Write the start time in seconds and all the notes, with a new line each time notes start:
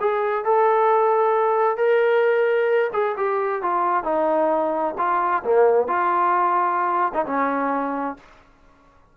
0.00 G#4
0.44 A4
1.77 A#4
2.93 G#4
3.17 G4
3.62 F4
4.04 D#4
4.98 F4
5.44 A#3
5.87 F4
7.14 D#4
7.25 C#4